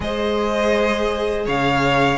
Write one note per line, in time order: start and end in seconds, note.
0.00 1.46 G#3
0.00 2.16 G#4
0.00 1.45 C5
0.00 1.47 D#5
1.45 2.18 C#3
1.45 2.18 C#5
1.45 2.18 F5